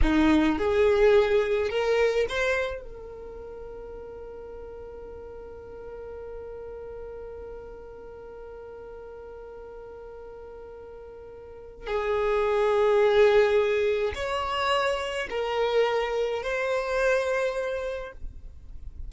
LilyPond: \new Staff \with { instrumentName = "violin" } { \time 4/4 \tempo 4 = 106 dis'4 gis'2 ais'4 | c''4 ais'2.~ | ais'1~ | ais'1~ |
ais'1~ | ais'4 gis'2.~ | gis'4 cis''2 ais'4~ | ais'4 c''2. | }